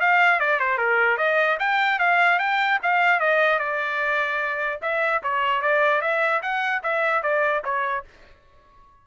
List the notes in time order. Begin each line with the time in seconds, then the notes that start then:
0.00 F5
0.40 D5
0.60 C5
0.78 A#4
1.18 D#5
1.59 G5
1.99 F5
2.39 G5
2.83 F5
3.20 D#5
3.59 D5
4.82 E5
5.23 C#5
5.62 D5
6.01 E5
6.42 F#5
6.83 E5
7.23 D5
7.64 C#5